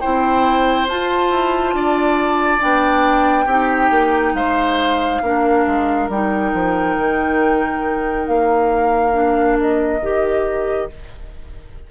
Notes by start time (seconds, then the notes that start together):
0.00 C4 E4 C5 G5
0.88 F4 A5
1.31 E4
1.74 D4 D5
2.60 B3 D4 G5
3.46 C4 D#4 G4
3.91 A#3
4.34 G#3 C5 F5
5.22 A#3 D4 A#4
5.67 G#3
6.09 G3 D#4 G5
6.53 F3
6.97 D#3
8.27 A#3 F5
9.12 D4
9.61 D#5
10.02 D#3 G4